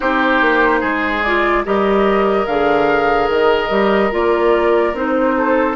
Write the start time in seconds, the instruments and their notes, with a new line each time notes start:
0.00 bassoon C4, clarinet D#4, oboe G4, flute C5
0.41 bassoon A#3
0.80 bassoon G#3, oboe G#4
1.23 clarinet F4, flute D5
1.64 bassoon G3, clarinet G4, oboe A#4, flute D#5
2.46 bassoon D3, clarinet G#4, flute F5
3.28 bassoon D#3, flute D#5
3.70 bassoon G3, clarinet G4
4.11 bassoon A#3, clarinet F4, flute D5
4.93 bassoon C4, clarinet D#4, flute C5
5.37 oboe A4